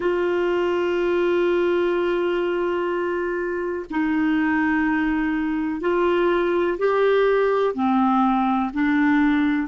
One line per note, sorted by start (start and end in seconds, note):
0.00 3.85 F4
3.90 5.81 D#4
5.81 6.77 F4
6.78 7.74 G4
7.74 8.71 C4
8.73 9.67 D4